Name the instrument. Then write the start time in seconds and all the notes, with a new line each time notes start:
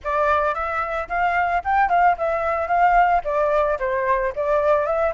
flute
0.04 D5
0.54 E5
1.08 F5
1.64 G5
1.89 F5
2.17 E5
2.67 F5
3.24 D5
3.79 C5
4.35 D5
4.86 E5